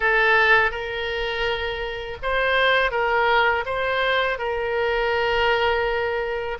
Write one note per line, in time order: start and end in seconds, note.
0.00 0.71 A4
0.71 2.17 A#4
2.22 2.91 C5
2.91 3.64 A#4
3.65 4.38 C5
4.38 6.58 A#4